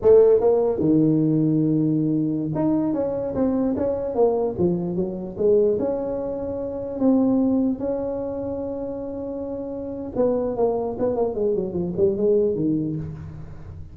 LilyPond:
\new Staff \with { instrumentName = "tuba" } { \time 4/4 \tempo 4 = 148 a4 ais4 dis2~ | dis2~ dis16 dis'4 cis'8.~ | cis'16 c'4 cis'4 ais4 f8.~ | f16 fis4 gis4 cis'4.~ cis'16~ |
cis'4~ cis'16 c'2 cis'8.~ | cis'1~ | cis'4 b4 ais4 b8 ais8 | gis8 fis8 f8 g8 gis4 dis4 | }